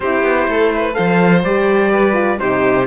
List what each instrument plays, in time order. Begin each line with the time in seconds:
0.00 cello C4, horn E4, violin G4, trumpet C5
0.23 cello B3
0.47 cello A3, violin A4
0.75 violin B4
0.92 horn A4, violin C5, trumpet F5
0.99 cello F3
1.43 cello G3, horn G4, trumpet D5
1.91 violin B4
2.13 horn F4
2.38 cello C3, horn D#4, violin G4, trumpet C5